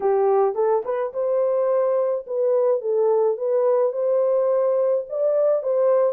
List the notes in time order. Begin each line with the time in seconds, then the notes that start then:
0.00 G4
0.54 A4
0.84 B4
1.13 C5
2.26 B4
2.81 A4
3.37 B4
3.92 C5
5.09 D5
5.62 C5